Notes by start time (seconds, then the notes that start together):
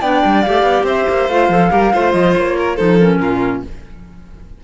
0.00 B3 D4 D5 G5
0.25 G3
0.41 G4 F5
0.47 A3
0.63 B3
0.83 C4 C5 E5
1.09 A#3
1.29 A3 F4 F5
1.49 F3 A4
1.71 G3 G4 A#4
1.93 A3 F4 C5
2.12 F3 D#5
2.36 A#3 C#5
2.58 A#4
2.76 F3 D#4 A4 C5
2.98 C#4 A#4
3.20 A#2 F4